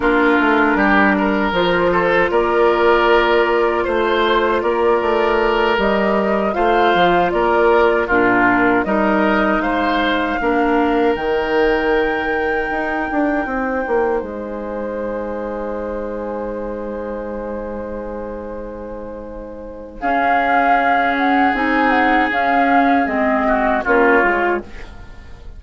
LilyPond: <<
  \new Staff \with { instrumentName = "flute" } { \time 4/4 \tempo 4 = 78 ais'2 c''4 d''4~ | d''4 c''4 d''4. dis''8~ | dis''8 f''4 d''4 ais'4 dis''8~ | dis''8 f''2 g''4.~ |
g''2~ g''8 gis''4.~ | gis''1~ | gis''2 f''4. fis''8 | gis''8 fis''8 f''4 dis''4 cis''4 | }
  \new Staff \with { instrumentName = "oboe" } { \time 4/4 f'4 g'8 ais'4 a'8 ais'4~ | ais'4 c''4 ais'2~ | ais'8 c''4 ais'4 f'4 ais'8~ | ais'8 c''4 ais'2~ ais'8~ |
ais'4. c''2~ c''8~ | c''1~ | c''2 gis'2~ | gis'2~ gis'8 fis'8 f'4 | }
  \new Staff \with { instrumentName = "clarinet" } { \time 4/4 d'2 f'2~ | f'2.~ f'8 g'8~ | g'8 f'2 d'4 dis'8~ | dis'4. d'4 dis'4.~ |
dis'1~ | dis'1~ | dis'2 cis'2 | dis'4 cis'4 c'4 cis'8 f'8 | }
  \new Staff \with { instrumentName = "bassoon" } { \time 4/4 ais8 a8 g4 f4 ais4~ | ais4 a4 ais8 a4 g8~ | g8 a8 f8 ais4 ais,4 g8~ | g8 gis4 ais4 dis4.~ |
dis8 dis'8 d'8 c'8 ais8 gis4.~ | gis1~ | gis2 cis'2 | c'4 cis'4 gis4 ais8 gis8 | }
>>